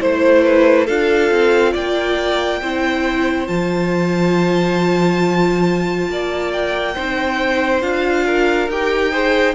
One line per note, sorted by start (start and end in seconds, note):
0.00 0.89 A3
0.00 0.87 E4
0.00 0.87 C5
0.00 0.44 C5
0.44 0.86 B4
0.86 1.31 D4
0.86 2.62 F4
0.86 1.73 A4
0.86 1.74 F5
1.31 1.75 C4
1.73 2.62 A#3
1.73 2.60 D5
1.73 3.48 G5
2.62 3.48 C4
2.62 3.47 E4
2.62 6.10 C5
3.47 6.09 F3
3.47 6.95 F4
3.47 6.52 A5
6.09 6.96 A#3
6.09 6.95 D5
6.52 7.82 G5
6.95 7.82 C4
6.95 7.82 D#4
6.95 8.25 C5
7.82 8.69 D4
7.82 8.69 F4
7.82 8.69 F5
8.26 9.11 A#4
8.69 9.55 D#4
8.69 9.13 G4
8.69 9.55 G5
9.11 9.55 G#4
9.11 9.55 C5